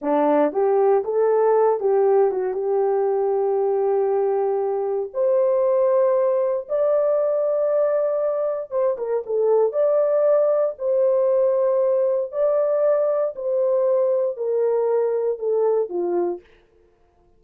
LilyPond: \new Staff \with { instrumentName = "horn" } { \time 4/4 \tempo 4 = 117 d'4 g'4 a'4. g'8~ | g'8 fis'8 g'2.~ | g'2 c''2~ | c''4 d''2.~ |
d''4 c''8 ais'8 a'4 d''4~ | d''4 c''2. | d''2 c''2 | ais'2 a'4 f'4 | }